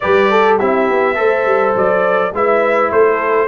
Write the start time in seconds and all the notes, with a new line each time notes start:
0.00 G3 G4 B4 D5
0.31 A4
0.58 C4 E4 G4 E5
0.90 B3
1.15 A3 A4 C5
1.45 G3
1.75 F#3 D5
2.32 G#3 E4 B4 E5
2.91 A3 A4 C5